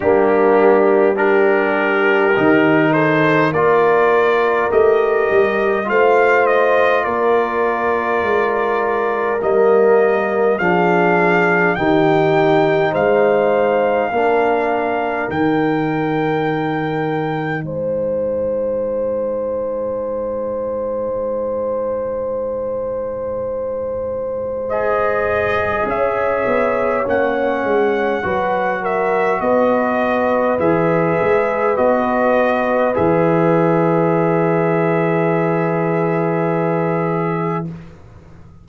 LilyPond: <<
  \new Staff \with { instrumentName = "trumpet" } { \time 4/4 \tempo 4 = 51 g'4 ais'4. c''8 d''4 | dis''4 f''8 dis''8 d''2 | dis''4 f''4 g''4 f''4~ | f''4 g''2 gis''4~ |
gis''1~ | gis''4 dis''4 e''4 fis''4~ | fis''8 e''8 dis''4 e''4 dis''4 | e''1 | }
  \new Staff \with { instrumentName = "horn" } { \time 4/4 d'4 g'4. a'8 ais'4~ | ais'4 c''4 ais'2~ | ais'4 gis'4 g'4 c''4 | ais'2. c''4~ |
c''1~ | c''2 cis''2 | b'8 ais'8 b'2.~ | b'1 | }
  \new Staff \with { instrumentName = "trombone" } { \time 4/4 ais4 d'4 dis'4 f'4 | g'4 f'2. | ais4 d'4 dis'2 | d'4 dis'2.~ |
dis'1~ | dis'4 gis'2 cis'4 | fis'2 gis'4 fis'4 | gis'1 | }
  \new Staff \with { instrumentName = "tuba" } { \time 4/4 g2 dis4 ais4 | a8 g8 a4 ais4 gis4 | g4 f4 dis4 gis4 | ais4 dis2 gis4~ |
gis1~ | gis2 cis'8 b8 ais8 gis8 | fis4 b4 e8 gis8 b4 | e1 | }
>>